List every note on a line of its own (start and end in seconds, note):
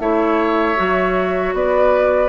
0.00 0.77 A3
0.00 0.76 E4
0.00 1.55 C#5
0.00 1.54 E5
0.76 1.54 F#3
0.76 2.29 F#4
1.54 2.29 B3
1.54 2.29 B4
1.54 2.29 D5